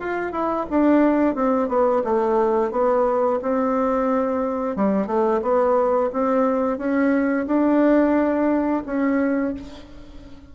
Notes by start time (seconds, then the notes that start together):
0.00 F4
0.32 E4
0.70 D4
1.35 C4
1.69 B3
2.05 A3
2.72 B3
3.42 C4
4.76 G3
5.07 A3
5.42 B3
6.13 C4
6.78 C#4
7.47 D4
8.86 C#4